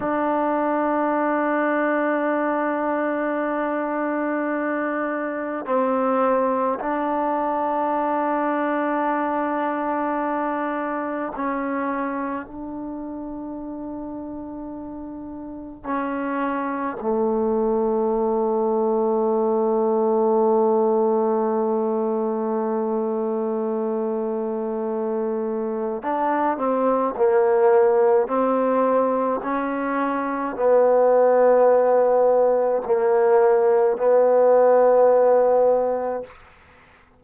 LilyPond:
\new Staff \with { instrumentName = "trombone" } { \time 4/4 \tempo 4 = 53 d'1~ | d'4 c'4 d'2~ | d'2 cis'4 d'4~ | d'2 cis'4 a4~ |
a1~ | a2. d'8 c'8 | ais4 c'4 cis'4 b4~ | b4 ais4 b2 | }